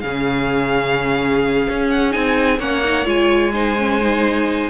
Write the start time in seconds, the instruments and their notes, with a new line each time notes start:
0.00 cello C#3, viola C#4, violin G#4 F5
1.68 cello C#4
1.89 violin F#5
2.11 cello C4, viola D#4, violin G#5
2.58 cello A#3, viola C#4, violin C#5 F#5
2.84 viola D#4
3.04 cello G#3, viola F4, violin G#5
3.53 viola D#4, violin C5
3.78 viola C#4
4.01 viola D#4